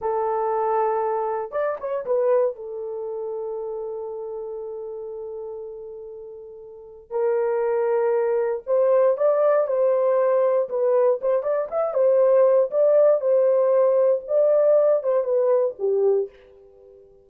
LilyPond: \new Staff \with { instrumentName = "horn" } { \time 4/4 \tempo 4 = 118 a'2. d''8 cis''8 | b'4 a'2.~ | a'1~ | a'2 ais'2~ |
ais'4 c''4 d''4 c''4~ | c''4 b'4 c''8 d''8 e''8 c''8~ | c''4 d''4 c''2 | d''4. c''8 b'4 g'4 | }